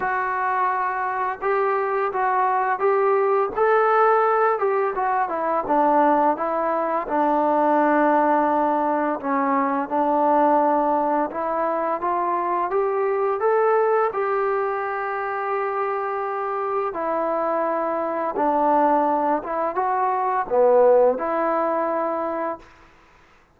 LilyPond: \new Staff \with { instrumentName = "trombone" } { \time 4/4 \tempo 4 = 85 fis'2 g'4 fis'4 | g'4 a'4. g'8 fis'8 e'8 | d'4 e'4 d'2~ | d'4 cis'4 d'2 |
e'4 f'4 g'4 a'4 | g'1 | e'2 d'4. e'8 | fis'4 b4 e'2 | }